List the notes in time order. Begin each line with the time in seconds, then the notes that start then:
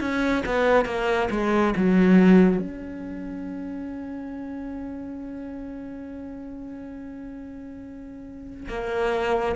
0.00 C#4
0.46 B3
0.85 A#3
1.31 G#3
1.77 F#3
2.59 C#4
8.69 A#3